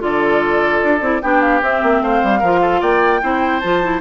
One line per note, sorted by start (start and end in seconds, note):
0.00 0.82 D3
0.00 1.00 F4
0.00 1.23 A4
0.00 1.22 D5
0.84 1.01 D4
1.01 1.21 C4
1.01 1.22 E4
1.22 1.62 B3
1.22 1.62 D4
1.22 2.02 G4
1.22 1.41 G5
1.41 1.61 F5
1.62 1.82 C4
1.62 2.42 C4
1.62 2.03 E5
1.83 2.01 A#3
2.01 2.21 A3
2.01 2.39 C5
2.01 2.82 F5
2.23 2.42 G3
2.39 2.82 F3
2.39 3.22 F4
2.39 2.59 A#4
2.62 2.81 A4
2.81 3.22 A#3
2.81 3.21 D5
2.81 3.60 G5
3.22 3.62 C4
3.22 3.62 E4
3.22 4.01 C5
3.60 4.01 F3
3.60 3.83 F4
3.60 4.00 A5
3.83 4.01 E4